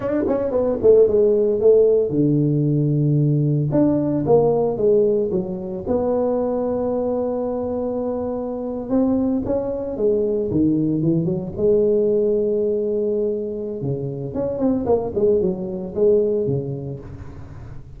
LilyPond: \new Staff \with { instrumentName = "tuba" } { \time 4/4 \tempo 4 = 113 d'8 cis'8 b8 a8 gis4 a4 | d2. d'4 | ais4 gis4 fis4 b4~ | b1~ |
b8. c'4 cis'4 gis4 dis16~ | dis8. e8 fis8 gis2~ gis16~ | gis2 cis4 cis'8 c'8 | ais8 gis8 fis4 gis4 cis4 | }